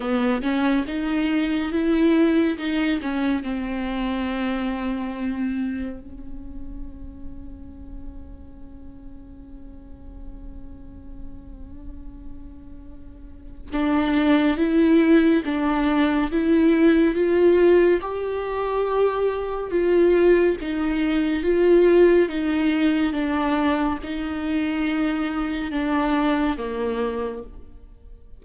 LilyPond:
\new Staff \with { instrumentName = "viola" } { \time 4/4 \tempo 4 = 70 b8 cis'8 dis'4 e'4 dis'8 cis'8 | c'2. cis'4~ | cis'1~ | cis'1 |
d'4 e'4 d'4 e'4 | f'4 g'2 f'4 | dis'4 f'4 dis'4 d'4 | dis'2 d'4 ais4 | }